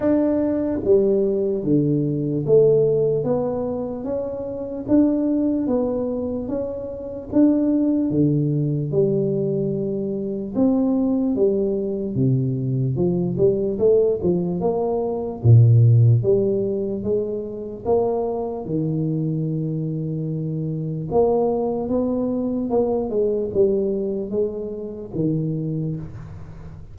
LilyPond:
\new Staff \with { instrumentName = "tuba" } { \time 4/4 \tempo 4 = 74 d'4 g4 d4 a4 | b4 cis'4 d'4 b4 | cis'4 d'4 d4 g4~ | g4 c'4 g4 c4 |
f8 g8 a8 f8 ais4 ais,4 | g4 gis4 ais4 dis4~ | dis2 ais4 b4 | ais8 gis8 g4 gis4 dis4 | }